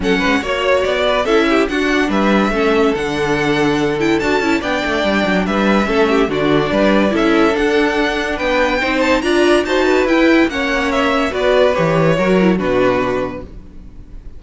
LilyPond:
<<
  \new Staff \with { instrumentName = "violin" } { \time 4/4 \tempo 4 = 143 fis''4 cis''4 d''4 e''4 | fis''4 e''2 fis''4~ | fis''4. g''8 a''4 g''4~ | g''4 e''2 d''4~ |
d''4 e''4 fis''2 | g''4. a''8 ais''4 a''4 | g''4 fis''4 e''4 d''4 | cis''2 b'2 | }
  \new Staff \with { instrumentName = "violin" } { \time 4/4 a'8 b'8 cis''4. b'8 a'8 g'8 | fis'4 b'4 a'2~ | a'2. d''4~ | d''4 b'4 a'8 g'8 fis'4 |
b'4 a'2. | b'4 c''4 d''4 c''8 b'8~ | b'4 cis''2 b'4~ | b'4 ais'4 fis'2 | }
  \new Staff \with { instrumentName = "viola" } { \time 4/4 cis'4 fis'2 e'4 | d'2 cis'4 d'4~ | d'4. e'8 fis'8 e'8 d'4~ | d'2 cis'4 d'4~ |
d'4 e'4 d'2~ | d'4 dis'4 f'4 fis'4 | e'4 cis'2 fis'4 | g'4 fis'8 e'8 d'2 | }
  \new Staff \with { instrumentName = "cello" } { \time 4/4 fis8 gis8 ais4 b4 cis'4 | d'4 g4 a4 d4~ | d2 d'8 cis'8 b8 a8 | g8 fis8 g4 a4 d4 |
g4 cis'4 d'2 | b4 c'4 d'4 dis'4 | e'4 ais2 b4 | e4 fis4 b,2 | }
>>